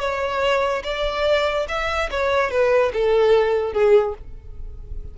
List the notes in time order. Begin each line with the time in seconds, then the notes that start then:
0.00 C#5
0.83 D5
1.68 E5
2.11 C#5
2.51 B4
2.93 A4
3.73 G#4